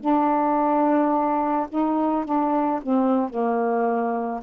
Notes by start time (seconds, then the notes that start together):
0.00 D4
1.69 D#4
2.24 D4
2.82 C4
3.29 A#3